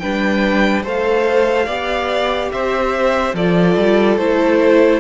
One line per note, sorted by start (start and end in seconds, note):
0.00 0.85 G3
0.00 0.84 D4
0.00 0.83 B4
0.00 0.83 G5
0.83 1.67 A3
0.83 1.67 A4
0.83 1.66 C5
0.83 2.52 F5
1.66 2.51 B3
1.66 3.36 G4
1.66 2.50 D5
2.52 3.34 C4
2.52 3.36 C5
2.52 3.35 E5
3.34 3.76 F3
3.34 4.20 F4
3.34 5.01 A4
3.34 4.18 D5
3.77 4.18 G3
4.18 5.01 A3
4.18 5.01 E4
4.18 5.01 C5